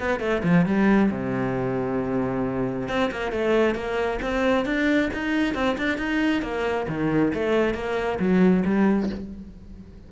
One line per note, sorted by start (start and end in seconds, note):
0.00 0.20 B3
0.20 0.43 A3
0.44 0.66 F3
0.66 1.11 G3
1.12 2.89 C3
2.89 3.11 C4
3.12 3.32 A#3
3.32 3.75 A3
3.75 4.20 A#3
4.22 4.66 C4
4.66 5.11 D4
5.14 5.55 D#4
5.55 5.77 C4
5.78 5.98 D4
5.98 6.43 D#4
6.43 6.87 A#3
6.89 7.33 D#3
7.34 7.75 A3
7.75 8.19 A#3
8.20 8.64 F#3
8.66 9.10 G3